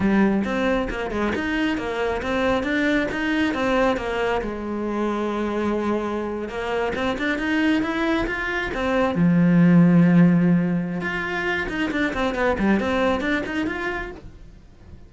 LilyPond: \new Staff \with { instrumentName = "cello" } { \time 4/4 \tempo 4 = 136 g4 c'4 ais8 gis8 dis'4 | ais4 c'4 d'4 dis'4 | c'4 ais4 gis2~ | gis2~ gis8. ais4 c'16~ |
c'16 d'8 dis'4 e'4 f'4 c'16~ | c'8. f2.~ f16~ | f4 f'4. dis'8 d'8 c'8 | b8 g8 c'4 d'8 dis'8 f'4 | }